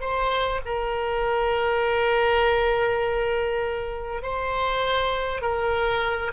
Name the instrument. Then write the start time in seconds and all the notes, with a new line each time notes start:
oboe
0.00 C5
0.65 A#4
4.22 C5
5.41 A#4